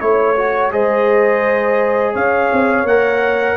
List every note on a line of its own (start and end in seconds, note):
0.00 0.72 A3
0.00 0.36 E4
0.00 0.72 C#5
0.00 0.73 C#5
0.37 0.72 F#4
0.72 2.15 G#3
0.72 2.86 G#4
0.72 2.14 C5
0.72 2.15 D#5
2.14 2.51 C#4
2.14 3.57 C#5
2.14 2.87 F5
2.52 2.84 C4
2.84 3.55 A#3
2.84 3.57 A#4
2.84 3.57 F#5